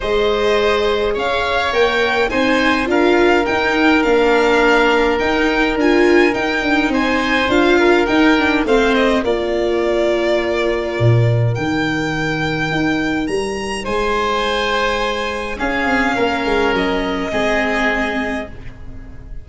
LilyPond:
<<
  \new Staff \with { instrumentName = "violin" } { \time 4/4 \tempo 4 = 104 dis''2 f''4 g''4 | gis''4 f''4 g''4 f''4~ | f''4 g''4 gis''4 g''4 | gis''4 f''4 g''4 f''8 dis''8 |
d''1 | g''2. ais''4 | gis''2. f''4~ | f''4 dis''2. | }
  \new Staff \with { instrumentName = "oboe" } { \time 4/4 c''2 cis''2 | c''4 ais'2.~ | ais'1 | c''4. ais'4. c''4 |
ais'1~ | ais'1 | c''2. gis'4 | ais'2 gis'2 | }
  \new Staff \with { instrumentName = "viola" } { \time 4/4 gis'2. ais'4 | dis'4 f'4 dis'4 d'4~ | d'4 dis'4 f'4 dis'4~ | dis'4 f'4 dis'8 d'8 c'4 |
f'1 | dis'1~ | dis'2. cis'4~ | cis'2 c'2 | }
  \new Staff \with { instrumentName = "tuba" } { \time 4/4 gis2 cis'4 ais4 | c'4 d'4 dis'4 ais4~ | ais4 dis'4 d'4 dis'8 d'8 | c'4 d'4 dis'4 a4 |
ais2. ais,4 | dis2 dis'4 g4 | gis2. cis'8 c'8 | ais8 gis8 fis4 gis2 | }
>>